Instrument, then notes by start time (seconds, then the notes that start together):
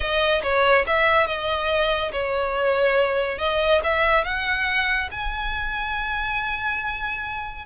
violin
0.00 D#5
0.42 C#5
0.86 E5
1.26 D#5
2.12 C#5
3.38 D#5
3.83 E5
4.24 F#5
5.11 G#5